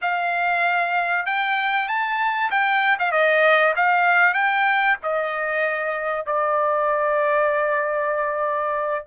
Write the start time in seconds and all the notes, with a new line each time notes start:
0.01 F5
1.26 G5
1.88 A5
2.50 G5
2.99 F5
3.11 D#5
3.76 F5
4.34 G5
5.03 D#5
6.26 D5